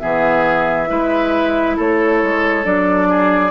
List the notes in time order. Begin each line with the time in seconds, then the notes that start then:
0.00 E3 B3 G#4 E5
0.88 G#3 E4 B4
1.76 A3 A4 C#5
2.23 G#3
2.64 F#3 D4 D5
3.09 G#4